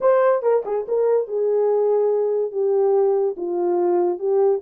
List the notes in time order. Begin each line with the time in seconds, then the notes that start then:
0.00 C5
0.42 A#4
0.65 G#4
0.88 A#4
1.27 G#4
2.51 G4
3.36 F4
4.18 G4